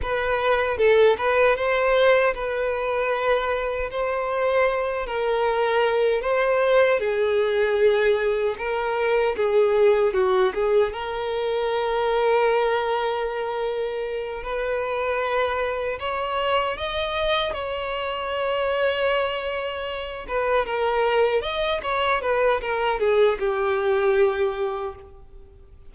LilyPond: \new Staff \with { instrumentName = "violin" } { \time 4/4 \tempo 4 = 77 b'4 a'8 b'8 c''4 b'4~ | b'4 c''4. ais'4. | c''4 gis'2 ais'4 | gis'4 fis'8 gis'8 ais'2~ |
ais'2~ ais'8 b'4.~ | b'8 cis''4 dis''4 cis''4.~ | cis''2 b'8 ais'4 dis''8 | cis''8 b'8 ais'8 gis'8 g'2 | }